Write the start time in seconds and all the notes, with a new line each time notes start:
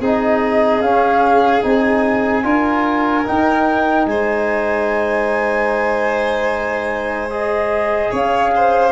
0.00 C4 D#4 G#4 D#5
0.81 C#4 F5
1.62 C4 D#4 G#5
2.43 D4 F4 A#4
3.24 D#4 G5
4.05 G#3 C5 G#5
7.30 G#4 D#5
8.11 C#4 C#5 F5
8.56 C5